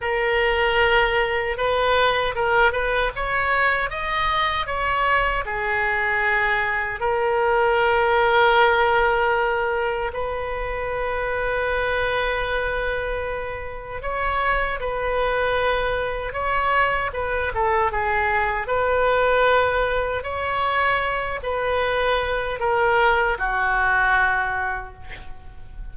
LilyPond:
\new Staff \with { instrumentName = "oboe" } { \time 4/4 \tempo 4 = 77 ais'2 b'4 ais'8 b'8 | cis''4 dis''4 cis''4 gis'4~ | gis'4 ais'2.~ | ais'4 b'2.~ |
b'2 cis''4 b'4~ | b'4 cis''4 b'8 a'8 gis'4 | b'2 cis''4. b'8~ | b'4 ais'4 fis'2 | }